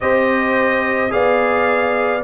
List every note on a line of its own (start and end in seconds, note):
0.00 1.12 C4
0.00 1.09 G4
0.00 1.12 C5
0.00 1.11 D#5
1.09 2.23 B3
1.09 2.20 G#4
1.09 2.23 D5
1.09 2.22 F5